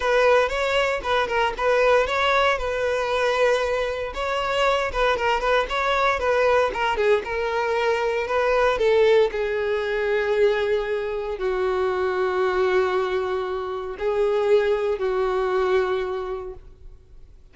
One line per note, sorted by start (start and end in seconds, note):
0.00 0.49 B4
0.49 1.00 C#5
1.03 1.27 B4
1.27 1.53 A#4
1.57 2.06 B4
2.06 2.57 C#5
2.57 4.13 B4
4.14 4.91 C#5
4.92 5.16 B4
5.16 5.40 A#4
5.40 5.66 B4
5.69 6.19 C#5
6.19 6.71 B4
6.73 6.96 A#4
6.96 7.22 G#4
7.24 8.27 A#4
8.27 8.78 B4
8.78 9.30 A4
9.31 11.38 G#4
11.38 13.97 F#4
13.98 14.99 G#4
14.99 16.54 F#4